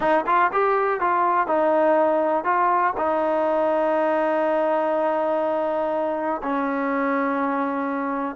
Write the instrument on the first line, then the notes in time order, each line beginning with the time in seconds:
trombone
0.00 D#4
0.26 F4
0.52 G4
1.00 F4
1.47 D#4
2.44 F4
2.97 D#4
6.42 C#4